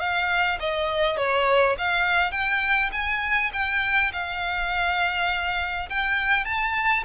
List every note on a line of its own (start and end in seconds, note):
0.00 0.59 F5
0.60 1.17 D#5
1.17 1.76 C#5
1.78 2.32 F5
2.32 2.90 G5
2.92 3.51 G#5
3.53 4.12 G5
4.13 5.89 F5
5.90 6.45 G5
6.45 7.04 A5